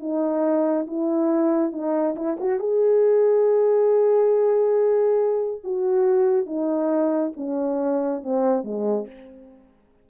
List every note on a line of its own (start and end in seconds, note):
0.00 0.86 D#4
0.87 1.72 E4
1.72 2.15 D#4
2.16 2.37 E4
2.40 2.59 F#4
2.59 5.61 G#4
5.64 6.46 F#4
6.46 7.32 D#4
7.36 8.23 C#4
8.23 8.64 C4
8.64 9.07 G#3